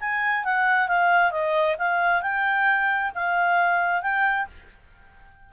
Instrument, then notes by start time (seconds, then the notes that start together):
clarinet
0.00 G#5
0.44 F#5
0.88 F5
1.31 D#5
1.79 F5
2.22 G5
3.15 F5
4.02 G5